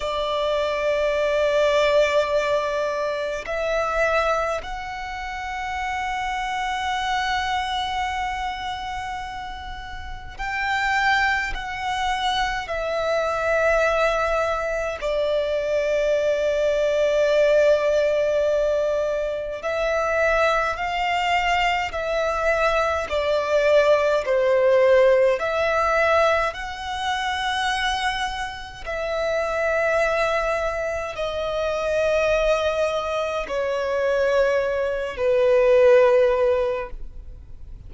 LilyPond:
\new Staff \with { instrumentName = "violin" } { \time 4/4 \tempo 4 = 52 d''2. e''4 | fis''1~ | fis''4 g''4 fis''4 e''4~ | e''4 d''2.~ |
d''4 e''4 f''4 e''4 | d''4 c''4 e''4 fis''4~ | fis''4 e''2 dis''4~ | dis''4 cis''4. b'4. | }